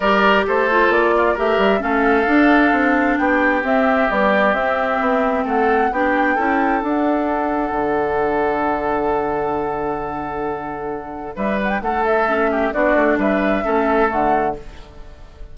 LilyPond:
<<
  \new Staff \with { instrumentName = "flute" } { \time 4/4 \tempo 4 = 132 d''4 c''4 d''4 e''4 | f''2. g''4 | e''4 d''4 e''2 | fis''4 g''2 fis''4~ |
fis''1~ | fis''1~ | fis''4 e''8 fis''16 g''16 fis''8 e''4. | d''4 e''2 fis''4 | }
  \new Staff \with { instrumentName = "oboe" } { \time 4/4 ais'4 a'4. f'8 ais'4 | a'2. g'4~ | g'1 | a'4 g'4 a'2~ |
a'1~ | a'1~ | a'4 b'4 a'4. g'8 | fis'4 b'4 a'2 | }
  \new Staff \with { instrumentName = "clarinet" } { \time 4/4 g'4. f'4. g'4 | cis'4 d'2. | c'4 g4 c'2~ | c'4 d'4 e'4 d'4~ |
d'1~ | d'1~ | d'2. cis'4 | d'2 cis'4 a4 | }
  \new Staff \with { instrumentName = "bassoon" } { \time 4/4 g4 a4 ais4 a8 g8 | a4 d'4 c'4 b4 | c'4 b4 c'4 b4 | a4 b4 cis'4 d'4~ |
d'4 d2.~ | d1~ | d4 g4 a2 | b8 a8 g4 a4 d4 | }
>>